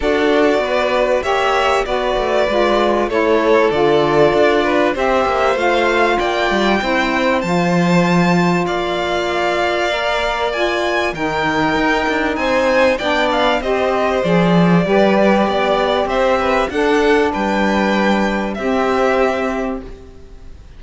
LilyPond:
<<
  \new Staff \with { instrumentName = "violin" } { \time 4/4 \tempo 4 = 97 d''2 e''4 d''4~ | d''4 cis''4 d''2 | e''4 f''4 g''2 | a''2 f''2~ |
f''4 gis''4 g''2 | gis''4 g''8 f''8 dis''4 d''4~ | d''2 e''4 fis''4 | g''2 e''2 | }
  \new Staff \with { instrumentName = "violin" } { \time 4/4 a'4 b'4 cis''4 b'4~ | b'4 a'2~ a'8 b'8 | c''2 d''4 c''4~ | c''2 d''2~ |
d''2 ais'2 | c''4 d''4 c''2 | b'4 d''4 c''8 b'8 a'4 | b'2 g'2 | }
  \new Staff \with { instrumentName = "saxophone" } { \time 4/4 fis'2 g'4 fis'4 | f'4 e'4 f'2 | g'4 f'2 e'4 | f'1 |
ais'4 f'4 dis'2~ | dis'4 d'4 g'4 gis'4 | g'2. d'4~ | d'2 c'2 | }
  \new Staff \with { instrumentName = "cello" } { \time 4/4 d'4 b4 ais4 b8 a8 | gis4 a4 d4 d'4 | c'8 ais8 a4 ais8 g8 c'4 | f2 ais2~ |
ais2 dis4 dis'8 d'8 | c'4 b4 c'4 f4 | g4 b4 c'4 d'4 | g2 c'2 | }
>>